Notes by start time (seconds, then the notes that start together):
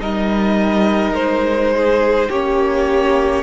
0.00 G3 D#4 A#4 D#5
1.13 G#3 C5
1.76 G#4
2.30 A#3 C#4 G4 C#5